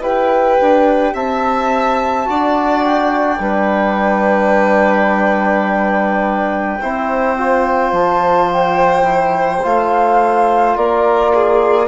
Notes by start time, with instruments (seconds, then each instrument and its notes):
0.00 bassoon E4, trombone G4, violin B4, flute G5
0.61 bassoon D4
1.13 bassoon C4, violin E5, flute A5
2.25 bassoon D4, trombone F#4, violin D5
2.83 flute G5
3.39 bassoon G3, trombone D4, violin B4
6.80 bassoon C4, trombone E4, violin C5
7.37 trombone F4
7.92 bassoon F3, flute A5
8.51 flute G5
9.02 trombone E4
9.62 bassoon A3, trombone F4, flute F5
10.76 bassoon A#3, violin A#4, flute D5
11.34 violin G#4